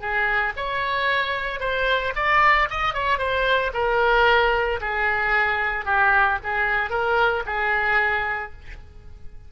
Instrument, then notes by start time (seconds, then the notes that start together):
oboe
0.00 G#4
0.57 C#5
1.60 C5
2.16 D5
2.70 D#5
2.94 C#5
3.19 C5
3.74 A#4
4.81 G#4
5.86 G4
6.44 G#4
6.90 A#4
7.46 G#4